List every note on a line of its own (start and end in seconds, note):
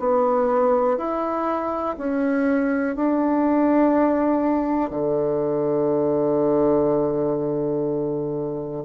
0.00 0.98 B3
0.98 1.96 E4
1.98 2.96 C#4
2.96 4.91 D4
4.91 8.84 D3